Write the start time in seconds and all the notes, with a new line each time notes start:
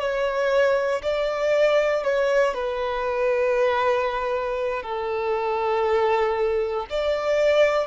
0.00 C#5
1.03 D5
2.03 C#5
2.54 B4
4.83 A4
6.90 D5